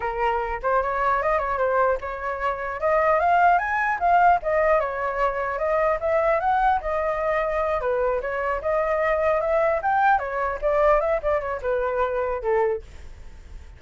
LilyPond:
\new Staff \with { instrumentName = "flute" } { \time 4/4 \tempo 4 = 150 ais'4. c''8 cis''4 dis''8 cis''8 | c''4 cis''2 dis''4 | f''4 gis''4 f''4 dis''4 | cis''2 dis''4 e''4 |
fis''4 dis''2~ dis''8 b'8~ | b'8 cis''4 dis''2 e''8~ | e''8 g''4 cis''4 d''4 e''8 | d''8 cis''8 b'2 a'4 | }